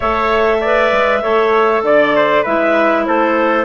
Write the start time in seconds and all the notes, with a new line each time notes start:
0.00 A3 A4 C#5 E5
0.60 B4 D5
0.92 G#3
1.22 A3 A4 C#5
1.82 D3 D5
2.16 C5
2.43 G#3 E4 B4 E5
3.05 A3 A4 C5